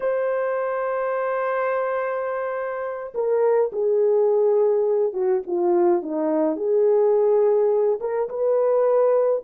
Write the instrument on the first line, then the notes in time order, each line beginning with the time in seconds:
horn
0.00 C5
3.14 A#4
3.72 G#4
5.13 F#4
5.46 F4
6.02 D#4
6.56 G#4
8.00 A#4
8.29 B4